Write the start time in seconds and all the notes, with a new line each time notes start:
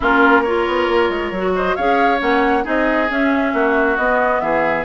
0.00 A#3 C#4 F4 A#4
0.41 F4 A#4 C#5
0.67 B3
0.87 A#3
1.09 G#3
1.31 F#3 F#4
1.54 C5 D#5
1.75 C#4 G#4 C#5 F5
2.18 A#3 C#4 F#5
2.62 C4 D#4 G#4 D#5
3.09 C#4 E5
3.53 A#3 F#4
3.97 B3 D#5
4.40 E3 G#4 E5